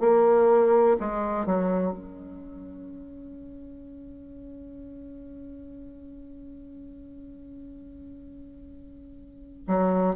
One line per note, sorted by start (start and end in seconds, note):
0.00 0.97 A#3
1.00 1.46 G#3
1.46 1.92 F#3
1.92 9.66 C#4
9.68 10.16 F#3